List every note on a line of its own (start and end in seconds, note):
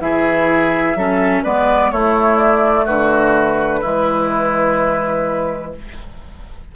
0.00 0.95 E3
0.00 0.95 E4
0.00 0.98 G#4
0.00 1.44 E5
0.95 1.43 F#3
0.95 1.46 C#4
0.95 1.43 A4
1.43 1.92 G#3
1.43 1.92 B3
1.43 1.91 B4
1.43 1.92 D5
1.92 2.87 A3
1.92 3.83 A3
1.92 2.85 E4
1.92 2.38 C#5
2.38 2.86 D5
2.85 3.83 D3
2.85 3.81 F#4
2.85 5.72 B4
3.81 5.76 E3
3.81 5.74 G#3
3.81 5.71 E4